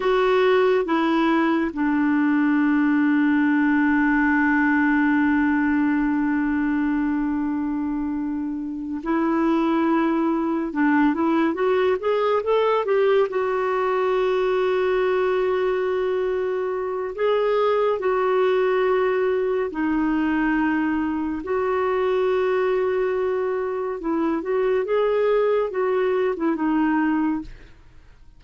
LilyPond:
\new Staff \with { instrumentName = "clarinet" } { \time 4/4 \tempo 4 = 70 fis'4 e'4 d'2~ | d'1~ | d'2~ d'8 e'4.~ | e'8 d'8 e'8 fis'8 gis'8 a'8 g'8 fis'8~ |
fis'1 | gis'4 fis'2 dis'4~ | dis'4 fis'2. | e'8 fis'8 gis'4 fis'8. e'16 dis'4 | }